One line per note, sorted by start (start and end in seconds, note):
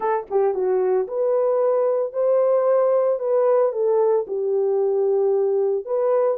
0.00 0.26 A4
0.30 0.54 G4
0.54 1.07 F#4
1.07 2.12 B4
2.12 3.19 C5
3.19 3.72 B4
3.72 4.25 A4
4.27 5.85 G4
5.85 6.37 B4